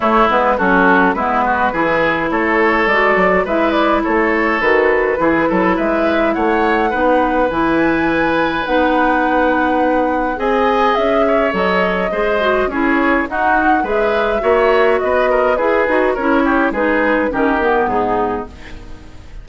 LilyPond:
<<
  \new Staff \with { instrumentName = "flute" } { \time 4/4 \tempo 4 = 104 cis''8 b'8 a'4 b'2 | cis''4 d''4 e''8 d''8 cis''4 | b'2 e''4 fis''4~ | fis''4 gis''2 fis''4~ |
fis''2 gis''4 e''4 | dis''2 cis''4 fis''4 | e''2 dis''4 b'4 | cis''4 b'4 ais'4 gis'4 | }
  \new Staff \with { instrumentName = "oboe" } { \time 4/4 e'4 fis'4 e'8 fis'8 gis'4 | a'2 b'4 a'4~ | a'4 gis'8 a'8 b'4 cis''4 | b'1~ |
b'2 dis''4. cis''8~ | cis''4 c''4 gis'4 fis'4 | b'4 cis''4 b'8 ais'8 gis'4 | ais'8 g'8 gis'4 g'4 dis'4 | }
  \new Staff \with { instrumentName = "clarinet" } { \time 4/4 a8 b8 cis'4 b4 e'4~ | e'4 fis'4 e'2 | fis'4 e'2. | dis'4 e'2 dis'4~ |
dis'2 gis'2 | a'4 gis'8 fis'8 e'4 dis'4 | gis'4 fis'2 gis'8 fis'8 | e'4 dis'4 cis'8 b4. | }
  \new Staff \with { instrumentName = "bassoon" } { \time 4/4 a8 gis8 fis4 gis4 e4 | a4 gis8 fis8 gis4 a4 | dis4 e8 fis8 gis4 a4 | b4 e2 b4~ |
b2 c'4 cis'4 | fis4 gis4 cis'4 dis'4 | gis4 ais4 b4 e'8 dis'8 | cis'4 gis4 dis4 gis,4 | }
>>